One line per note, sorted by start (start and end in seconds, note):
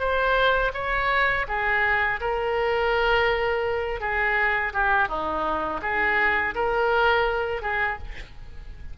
0.00 0.72 C5
0.74 1.47 C#5
1.48 2.20 G#4
2.21 4.01 A#4
4.01 4.73 G#4
4.73 5.09 G4
5.09 5.81 D#4
5.83 6.55 G#4
6.55 7.62 A#4
7.62 7.98 G#4